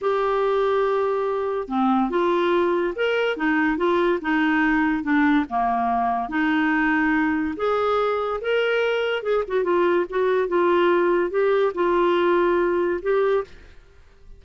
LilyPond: \new Staff \with { instrumentName = "clarinet" } { \time 4/4 \tempo 4 = 143 g'1 | c'4 f'2 ais'4 | dis'4 f'4 dis'2 | d'4 ais2 dis'4~ |
dis'2 gis'2 | ais'2 gis'8 fis'8 f'4 | fis'4 f'2 g'4 | f'2. g'4 | }